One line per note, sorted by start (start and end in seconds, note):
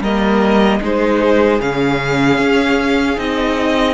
0.00 0.79 G3
0.00 0.81 A#3
0.00 0.80 A#4
0.00 0.82 D#5
0.81 1.60 G#3
0.81 1.60 D#4
0.81 3.94 G#4
0.81 1.61 C5
1.61 2.38 C#3
1.61 3.16 C#4
1.61 3.19 F5
2.38 3.17 C#4
3.16 3.94 C4
3.16 3.94 D#4
3.16 3.94 D#5